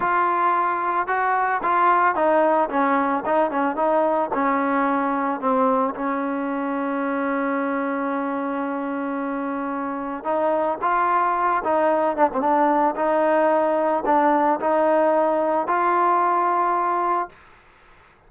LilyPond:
\new Staff \with { instrumentName = "trombone" } { \time 4/4 \tempo 4 = 111 f'2 fis'4 f'4 | dis'4 cis'4 dis'8 cis'8 dis'4 | cis'2 c'4 cis'4~ | cis'1~ |
cis'2. dis'4 | f'4. dis'4 d'16 c'16 d'4 | dis'2 d'4 dis'4~ | dis'4 f'2. | }